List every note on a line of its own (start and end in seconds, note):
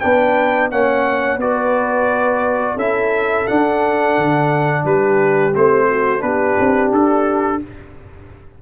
0.00 0.73 B3
0.00 0.71 D4
0.00 0.71 B4
0.00 0.69 G5
0.71 1.38 A#3
0.71 1.40 C#4
0.71 1.41 C#5
0.71 1.40 F#5
1.38 2.76 B3
1.38 2.78 F#4
1.38 2.75 B4
1.38 2.78 D5
2.75 3.46 C#4
2.75 3.48 E4
2.75 4.82 A4
2.75 3.47 E5
3.47 5.53 D4
3.47 4.18 D4
3.47 4.85 F#5
4.18 4.85 D3
4.84 5.54 G3
4.84 5.88 G4
4.84 5.55 B4
5.53 6.23 A3
5.53 6.19 C4
5.53 6.22 C5
5.89 6.24 F#4
6.19 6.57 B3
6.19 7.57 D4
6.19 7.62 G4
6.19 6.91 B4
6.60 6.92 C4
6.92 7.61 D4
6.92 7.62 A4